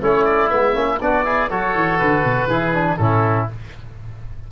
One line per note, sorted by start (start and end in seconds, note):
0.00 0.51 A3
0.00 0.48 C#4
0.00 0.99 E4
0.00 0.24 C#5
0.24 0.49 D5
0.48 0.75 G#3
0.48 0.73 B3
0.48 0.99 E5
0.73 1.00 A#3
0.73 0.98 C#4
1.01 1.50 B3
1.01 1.24 D4
1.01 1.24 F#4
1.01 1.50 D5
1.24 1.49 E4
1.24 1.49 G#4
1.49 1.75 F#3
1.49 2.49 F#4
1.49 2.49 A4
1.49 1.98 C#5
1.75 2.00 E3
1.98 2.24 D3
1.98 2.96 B4
2.24 2.47 B2
2.47 2.96 E3
2.47 2.73 E4
2.47 2.98 G#4
2.73 2.98 D4
2.96 3.48 A2
2.96 3.48 C#4
2.96 3.51 E4
2.96 3.46 A4